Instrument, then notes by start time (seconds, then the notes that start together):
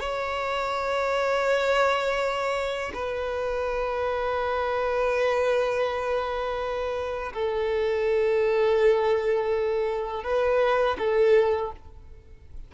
violin
0.00 C#5
2.94 B4
7.34 A4
10.24 B4
10.99 A4